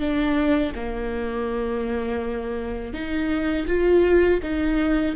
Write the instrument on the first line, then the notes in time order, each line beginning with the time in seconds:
viola
0.00 D4
0.75 A#3
2.94 D#4
3.67 F4
4.43 D#4